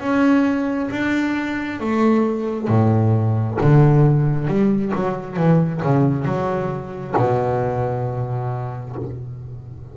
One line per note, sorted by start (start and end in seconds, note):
0.00 0.90 C#4
0.90 1.80 D4
1.80 2.68 A3
2.68 3.57 A2
3.61 4.48 D3
4.48 4.93 G3
4.95 5.36 F#3
5.36 5.81 E3
5.82 6.25 C#3
6.25 7.14 F#3
7.17 8.96 B2